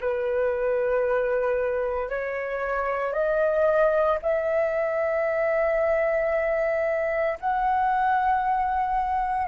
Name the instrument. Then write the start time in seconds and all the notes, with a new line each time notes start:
flute
0.00 B4
2.09 C#5
3.13 D#5
4.22 E5
7.40 F#5